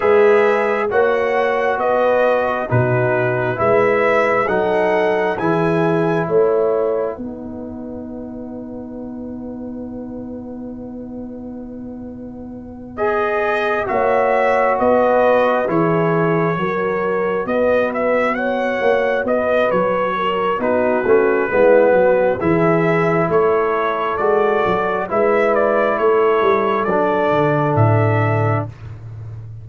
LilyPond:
<<
  \new Staff \with { instrumentName = "trumpet" } { \time 4/4 \tempo 4 = 67 e''4 fis''4 dis''4 b'4 | e''4 fis''4 gis''4 fis''4~ | fis''1~ | fis''2~ fis''8 dis''4 e''8~ |
e''8 dis''4 cis''2 dis''8 | e''8 fis''4 dis''8 cis''4 b'4~ | b'4 e''4 cis''4 d''4 | e''8 d''8 cis''4 d''4 e''4 | }
  \new Staff \with { instrumentName = "horn" } { \time 4/4 b'4 cis''4 b'4 fis'4 | b'4 a'4 gis'4 cis''4 | b'1~ | b'2.~ b'8 cis''8~ |
cis''8 b'4 gis'4 ais'4 b'8~ | b'8 cis''4 b'4 ais'8 fis'4 | e'8 fis'8 gis'4 a'2 | b'4 a'2. | }
  \new Staff \with { instrumentName = "trombone" } { \time 4/4 gis'4 fis'2 dis'4 | e'4 dis'4 e'2 | dis'1~ | dis'2~ dis'8 gis'4 fis'8~ |
fis'4. e'4 fis'4.~ | fis'2. dis'8 cis'8 | b4 e'2 fis'4 | e'2 d'2 | }
  \new Staff \with { instrumentName = "tuba" } { \time 4/4 gis4 ais4 b4 b,4 | gis4 fis4 e4 a4 | b1~ | b2.~ b8 ais8~ |
ais8 b4 e4 fis4 b8~ | b4 ais8 b8 fis4 b8 a8 | gis8 fis8 e4 a4 gis8 fis8 | gis4 a8 g8 fis8 d8 a,4 | }
>>